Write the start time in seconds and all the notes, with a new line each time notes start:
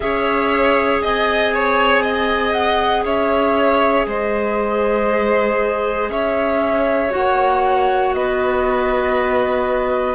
0.00 C#4 G#4 C#5 E5
1.02 C4 D#5 G#5
1.53 C#5
2.01 D#5
2.52 F#5
3.04 C#4 C#5 E5
4.06 G#3 C5 D#5
6.09 C#4 C#5 E5
7.10 A#3 F#4 F#5
8.13 B3 B4 D#5